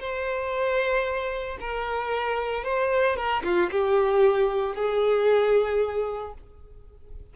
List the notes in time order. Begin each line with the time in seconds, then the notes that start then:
0.00 C5
1.61 A#4
2.64 C5
3.17 A#4
3.44 F4
3.71 G4
4.75 G#4